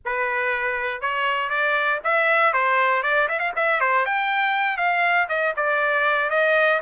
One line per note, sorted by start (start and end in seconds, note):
0.05 1.01 B4
1.01 1.49 C#5
1.49 2.00 D5
2.04 2.53 E5
2.53 3.03 C5
3.03 3.28 D5
3.28 3.39 E5
3.39 3.52 F5
3.55 3.80 E5
3.80 4.05 C5
4.05 4.77 G5
4.77 5.27 F5
5.28 5.54 D#5
5.56 6.30 D5
6.30 6.80 D#5